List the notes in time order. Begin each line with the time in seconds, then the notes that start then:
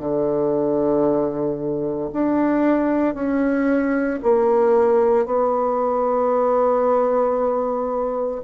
0.00 D3
2.13 D4
3.14 C#4
4.23 A#3
5.26 B3